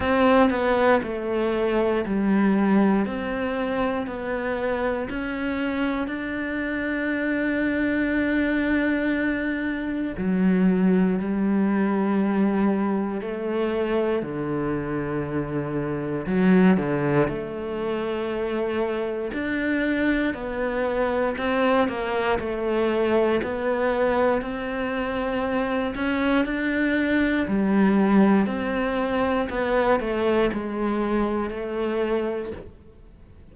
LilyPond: \new Staff \with { instrumentName = "cello" } { \time 4/4 \tempo 4 = 59 c'8 b8 a4 g4 c'4 | b4 cis'4 d'2~ | d'2 fis4 g4~ | g4 a4 d2 |
fis8 d8 a2 d'4 | b4 c'8 ais8 a4 b4 | c'4. cis'8 d'4 g4 | c'4 b8 a8 gis4 a4 | }